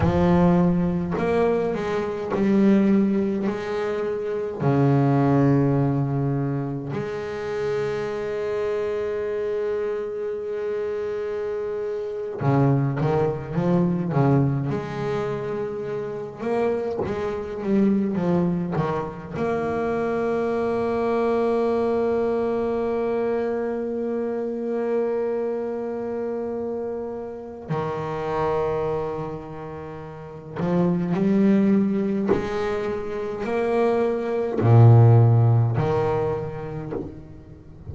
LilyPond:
\new Staff \with { instrumentName = "double bass" } { \time 4/4 \tempo 4 = 52 f4 ais8 gis8 g4 gis4 | cis2 gis2~ | gis2~ gis8. cis8 dis8 f16~ | f16 cis8 gis4. ais8 gis8 g8 f16~ |
f16 dis8 ais2.~ ais16~ | ais1 | dis2~ dis8 f8 g4 | gis4 ais4 ais,4 dis4 | }